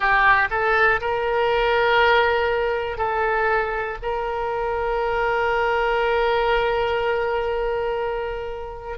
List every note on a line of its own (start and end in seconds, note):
0.00 0.48 G4
0.50 1.00 A4
1.00 2.97 A#4
2.97 3.97 A4
4.02 8.97 A#4